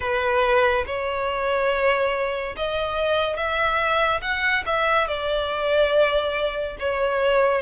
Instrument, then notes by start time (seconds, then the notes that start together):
violin
0.00 B4
0.86 C#5
2.56 D#5
3.36 E5
4.21 F#5
4.66 E5
5.07 D5
6.79 C#5